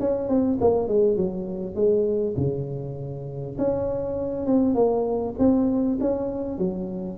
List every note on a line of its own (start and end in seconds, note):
0.00 0.29 C#4
0.29 0.59 C4
0.61 0.88 A#3
0.88 1.17 G#3
1.17 1.75 F#3
1.75 2.35 G#3
2.38 3.58 C#3
3.59 4.47 C#4
4.47 4.75 C4
4.75 5.35 A#3
5.39 5.99 C4
6.01 6.59 C#4
6.59 7.19 F#3